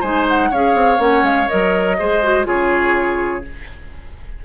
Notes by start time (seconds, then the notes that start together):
0.00 G#3 D#4 C5 G#5
0.28 F#5
0.50 C#4 G#4 C#5 F5
0.74 C4
0.97 A#3 C#4 F#5
1.22 G#3 F5
1.48 F#3 A#4 D#5
1.98 G#3 G#4 C5
2.23 F#4
2.44 C#3 F4 G#4 C#5